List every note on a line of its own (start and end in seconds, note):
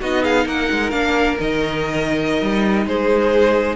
0.00 0.46 B3
0.00 0.92 D#4
0.00 0.22 F#4
0.00 0.24 D#5
0.22 0.45 G#4
0.22 0.47 F5
0.45 0.69 A#3
0.45 2.86 A#4
0.45 0.90 F#5
0.71 0.92 G#3
0.90 1.37 A#3
0.90 1.37 D4
0.90 1.36 F5
1.40 2.41 D#3
1.40 3.75 D#4
1.40 2.88 D#5
2.41 2.85 G3
2.85 3.75 G#3
2.85 3.75 G#4
2.85 3.75 C5